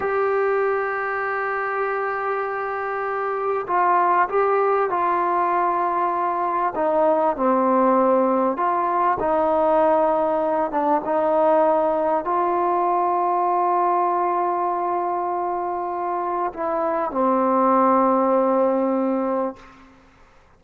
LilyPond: \new Staff \with { instrumentName = "trombone" } { \time 4/4 \tempo 4 = 98 g'1~ | g'2 f'4 g'4 | f'2. dis'4 | c'2 f'4 dis'4~ |
dis'4. d'8 dis'2 | f'1~ | f'2. e'4 | c'1 | }